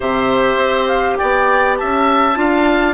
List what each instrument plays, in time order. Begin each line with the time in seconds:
0.00 bassoon C3, clarinet G4, oboe C5, flute E5
0.56 bassoon C4
0.87 flute F5
1.17 bassoon B3, oboe D5, flute G5
1.76 bassoon C#4, oboe E5, flute A5
2.35 bassoon D4, clarinet F4, oboe F5